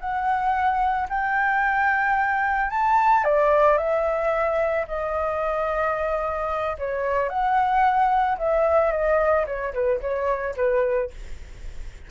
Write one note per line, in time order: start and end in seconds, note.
0.00 1.08 F#5
1.09 2.70 G5
2.70 3.24 A5
3.24 3.78 D5
3.78 4.86 E5
4.88 6.77 D#5
6.78 7.29 C#5
7.29 8.37 F#5
8.38 8.92 E5
8.92 9.46 D#5
9.46 9.73 C#5
9.73 10.00 B4
10.01 10.55 C#5
10.56 11.10 B4